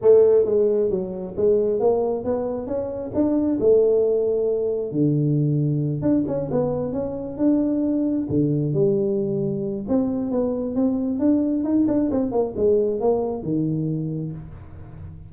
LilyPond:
\new Staff \with { instrumentName = "tuba" } { \time 4/4 \tempo 4 = 134 a4 gis4 fis4 gis4 | ais4 b4 cis'4 d'4 | a2. d4~ | d4. d'8 cis'8 b4 cis'8~ |
cis'8 d'2 d4 g8~ | g2 c'4 b4 | c'4 d'4 dis'8 d'8 c'8 ais8 | gis4 ais4 dis2 | }